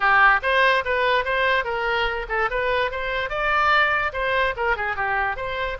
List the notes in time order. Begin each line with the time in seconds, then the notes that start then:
0.00 G4
0.42 C5
0.84 B4
1.25 C5
1.64 A#4
2.29 A4
2.50 B4
2.91 C5
3.29 D5
4.13 C5
4.56 A#4
4.76 G#4
4.96 G4
5.36 C5